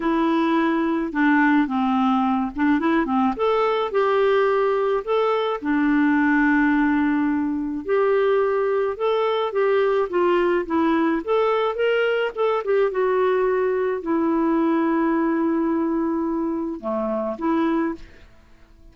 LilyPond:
\new Staff \with { instrumentName = "clarinet" } { \time 4/4 \tempo 4 = 107 e'2 d'4 c'4~ | c'8 d'8 e'8 c'8 a'4 g'4~ | g'4 a'4 d'2~ | d'2 g'2 |
a'4 g'4 f'4 e'4 | a'4 ais'4 a'8 g'8 fis'4~ | fis'4 e'2.~ | e'2 a4 e'4 | }